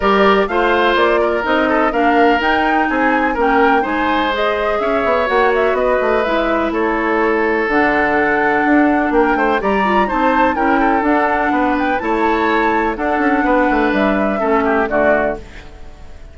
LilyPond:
<<
  \new Staff \with { instrumentName = "flute" } { \time 4/4 \tempo 4 = 125 d''4 f''4 d''4 dis''4 | f''4 g''4 gis''4 g''4 | gis''4 dis''4 e''4 fis''8 e''8 | dis''4 e''4 cis''2 |
fis''2. g''4 | ais''4 a''4 g''4 fis''4~ | fis''8 g''8 a''2 fis''4~ | fis''4 e''2 d''4 | }
  \new Staff \with { instrumentName = "oboe" } { \time 4/4 ais'4 c''4. ais'4 a'8 | ais'2 gis'4 ais'4 | c''2 cis''2 | b'2 a'2~ |
a'2. ais'8 c''8 | d''4 c''4 ais'8 a'4. | b'4 cis''2 a'4 | b'2 a'8 g'8 fis'4 | }
  \new Staff \with { instrumentName = "clarinet" } { \time 4/4 g'4 f'2 dis'4 | d'4 dis'2 cis'4 | dis'4 gis'2 fis'4~ | fis'4 e'2. |
d'1 | g'8 f'8 dis'4 e'4 d'4~ | d'4 e'2 d'4~ | d'2 cis'4 a4 | }
  \new Staff \with { instrumentName = "bassoon" } { \time 4/4 g4 a4 ais4 c'4 | ais4 dis'4 c'4 ais4 | gis2 cis'8 b8 ais4 | b8 a8 gis4 a2 |
d2 d'4 ais8 a8 | g4 c'4 cis'4 d'4 | b4 a2 d'8 cis'8 | b8 a8 g4 a4 d4 | }
>>